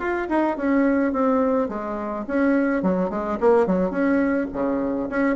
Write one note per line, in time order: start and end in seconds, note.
0.00 0.28 F4
0.29 0.58 D#4
0.58 1.13 C#4
1.13 1.69 C4
1.69 2.26 G#3
2.28 2.83 C#4
2.83 3.10 F#3
3.10 3.39 G#3
3.41 3.67 A#3
3.67 3.91 F#3
3.91 4.48 C#4
4.53 5.10 C#3
5.10 5.37 C#4